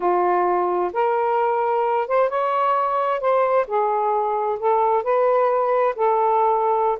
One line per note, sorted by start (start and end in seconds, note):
0.00 0.92 F4
0.93 2.07 A#4
2.07 2.29 C5
2.29 3.20 C#5
3.20 3.66 C5
3.67 4.58 G#4
4.59 5.03 A4
5.03 5.95 B4
5.95 6.98 A4